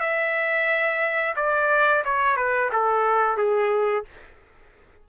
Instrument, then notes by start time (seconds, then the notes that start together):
trumpet
0.00 E5
1.36 D5
2.05 C#5
2.36 B4
2.72 A4
3.37 G#4